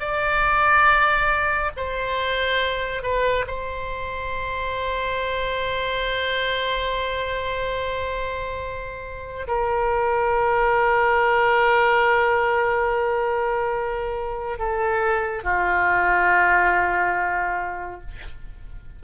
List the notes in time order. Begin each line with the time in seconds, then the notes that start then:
0.00 D5
1.77 C5
3.02 B4
3.47 C5
9.48 A#4
14.59 A4
15.44 F4